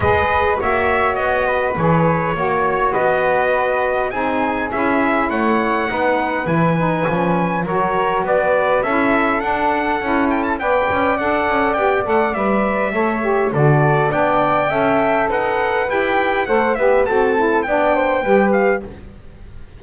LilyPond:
<<
  \new Staff \with { instrumentName = "trumpet" } { \time 4/4 \tempo 4 = 102 dis''4 e''4 dis''4 cis''4~ | cis''4 dis''2 gis''4 | e''4 fis''2 gis''4~ | gis''4 cis''4 d''4 e''4 |
fis''4. g''16 a''16 g''4 fis''4 | g''8 fis''8 e''2 d''4 | g''2 fis''4 g''4 | fis''8 e''8 a''4 g''4. f''8 | }
  \new Staff \with { instrumentName = "flute" } { \time 4/4 b'4 cis''4. b'4. | cis''4 b'2 gis'4~ | gis'4 cis''4 b'2~ | b'4 ais'4 b'4 a'4~ |
a'2 d''2~ | d''2 cis''4 a'4 | d''4 e''4 b'2 | c''8 b'8 a'4 d''8 c''8 b'4 | }
  \new Staff \with { instrumentName = "saxophone" } { \time 4/4 gis'4 fis'2 gis'4 | fis'2. dis'4 | e'2 dis'4 e'8 dis'8 | cis'4 fis'2 e'4 |
d'4 e'4 b'4 a'4 | g'8 a'8 b'4 a'8 g'8 fis'4 | d'4 a'2 g'4 | a'8 g'8 fis'8 e'8 d'4 g'4 | }
  \new Staff \with { instrumentName = "double bass" } { \time 4/4 gis4 ais4 b4 e4 | ais4 b2 c'4 | cis'4 a4 b4 e4 | f4 fis4 b4 cis'4 |
d'4 cis'4 b8 cis'8 d'8 cis'8 | b8 a8 g4 a4 d4 | b4 cis'4 dis'4 e'4 | a8 b8 c'4 b4 g4 | }
>>